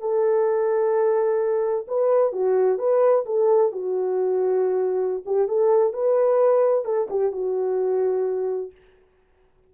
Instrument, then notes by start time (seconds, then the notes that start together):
horn
0.00 A4
1.88 B4
2.33 F#4
2.79 B4
3.26 A4
3.72 F#4
5.26 G4
5.48 A4
5.93 B4
6.85 A4
7.10 G4
7.32 F#4